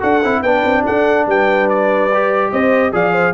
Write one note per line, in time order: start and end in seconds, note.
0.00 0.24 D4
0.00 0.21 F#4
0.00 0.42 A4
0.00 0.43 F#5
0.24 0.43 C4
0.24 0.45 E4
0.43 0.64 B3
0.43 2.12 D4
0.43 0.84 B4
0.43 0.84 G5
0.65 0.86 C4
0.86 1.27 D4
0.86 1.27 A4
0.86 1.28 F#5
1.27 2.52 G3
1.27 2.52 B4
1.27 1.69 G5
1.69 2.52 D5
2.14 2.92 G4
2.52 2.94 C4
2.52 2.93 C5
2.52 2.94 D#5
2.92 3.34 F3
2.92 3.34 G#4
2.92 3.13 D5
2.92 3.34 F5
3.13 3.34 C5